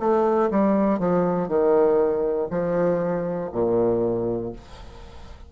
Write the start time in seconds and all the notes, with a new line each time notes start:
0.00 A3
0.51 G3
0.99 F3
1.48 D#3
2.50 F3
3.52 A#2